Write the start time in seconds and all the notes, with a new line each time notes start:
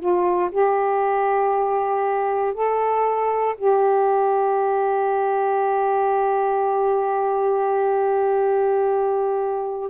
0.00 F4
0.51 G4
2.54 A4
3.58 G4